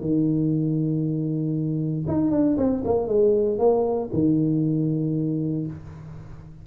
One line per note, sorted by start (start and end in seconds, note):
0.00 2.05 D#3
2.07 2.31 D#4
2.31 2.56 D4
2.57 2.83 C4
2.84 3.07 A#3
3.07 3.58 G#3
3.58 4.09 A#3
4.13 5.66 D#3